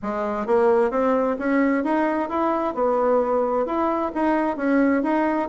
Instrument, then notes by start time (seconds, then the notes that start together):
bassoon
0.02 G#3
0.46 A#3
0.90 C4
1.38 C#4
1.84 D#4
2.29 E4
2.74 B3
3.66 E4
4.14 D#4
4.57 C#4
5.03 D#4